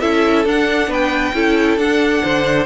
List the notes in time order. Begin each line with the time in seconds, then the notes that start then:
0.00 C#4 E4 A4 E5
0.45 D4 F#5
0.88 B3 B4 G5
1.33 C#4 E4 A4
1.77 D4 F#5
2.23 D3 C5